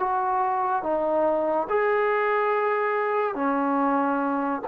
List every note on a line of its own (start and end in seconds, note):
0.00 0.83 F#4
0.83 1.68 D#4
1.70 3.35 G#4
3.35 4.62 C#4